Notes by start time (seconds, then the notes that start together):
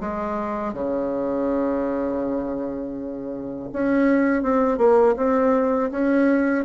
0.00 G#3
0.73 C#3
3.72 C#4
4.42 C4
4.78 A#3
5.16 C4
5.91 C#4